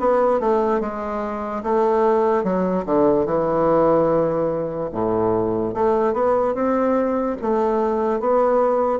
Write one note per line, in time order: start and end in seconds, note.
0.00 0.40 B3
0.40 0.81 A3
0.81 1.63 G#3
1.63 2.44 A3
2.44 2.85 F#3
2.86 3.26 D3
3.26 4.90 E3
4.92 5.74 A2
5.74 6.13 A3
6.13 6.55 B3
6.55 7.37 C4
7.42 8.20 A3
8.20 9.00 B3